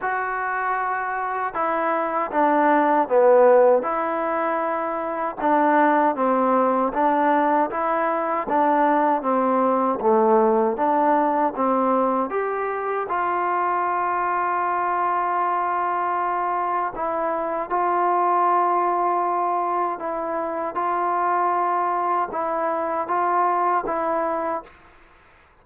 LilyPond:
\new Staff \with { instrumentName = "trombone" } { \time 4/4 \tempo 4 = 78 fis'2 e'4 d'4 | b4 e'2 d'4 | c'4 d'4 e'4 d'4 | c'4 a4 d'4 c'4 |
g'4 f'2.~ | f'2 e'4 f'4~ | f'2 e'4 f'4~ | f'4 e'4 f'4 e'4 | }